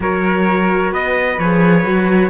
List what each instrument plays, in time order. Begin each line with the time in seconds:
0.00 cello F#3, viola F#4, flute A#4, trumpet C#5
0.91 cello B3, flute B4, trumpet D#5
1.38 cello F3, viola G#4, trumpet C#5
1.84 cello F#3, viola F#4